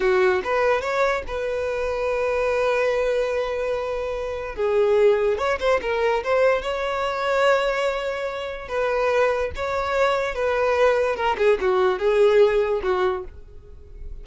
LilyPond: \new Staff \with { instrumentName = "violin" } { \time 4/4 \tempo 4 = 145 fis'4 b'4 cis''4 b'4~ | b'1~ | b'2. gis'4~ | gis'4 cis''8 c''8 ais'4 c''4 |
cis''1~ | cis''4 b'2 cis''4~ | cis''4 b'2 ais'8 gis'8 | fis'4 gis'2 fis'4 | }